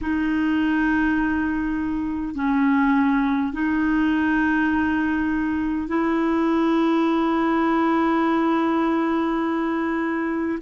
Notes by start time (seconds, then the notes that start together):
0.01 D#4
2.35 C#4
3.52 D#4
5.88 E4